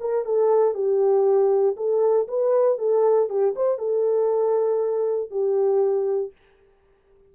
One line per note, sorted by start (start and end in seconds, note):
0.00 0.25 A#4
0.25 0.74 A4
0.74 1.76 G4
1.77 2.27 A4
2.28 2.78 B4
2.78 3.29 A4
3.29 3.55 G4
3.56 3.78 C5
3.78 5.30 A4
5.30 6.32 G4